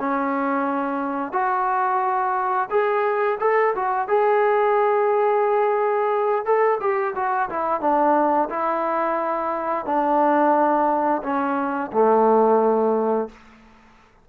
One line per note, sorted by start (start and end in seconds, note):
0.00 1.33 C#4
1.33 2.69 F#4
2.71 3.39 G#4
3.41 3.75 A4
3.76 4.08 F#4
4.08 6.46 G#4
6.46 6.80 A4
6.81 7.15 G4
7.16 7.50 F#4
7.50 7.81 E4
7.81 8.49 D4
8.50 9.86 E4
9.86 11.22 D4
11.23 11.92 C#4
11.93 13.29 A3